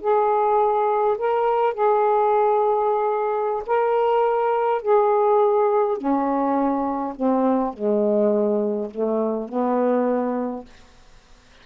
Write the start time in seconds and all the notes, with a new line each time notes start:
0.00 G#4
1.17 A#4
1.73 G#4
3.66 A#4
4.82 G#4
5.97 C#4
7.15 C4
7.73 G#3
8.90 A3
9.48 B3